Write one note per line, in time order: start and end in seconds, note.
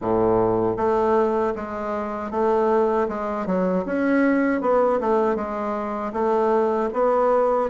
0.01 0.77 A2
0.77 1.53 A3
1.55 2.30 G#3
2.30 3.07 A3
3.08 3.46 G#3
3.46 3.84 F#3
3.85 4.61 C#4
4.61 4.99 B3
5.00 5.35 A3
5.35 6.12 G#3
6.12 6.89 A3
6.93 7.70 B3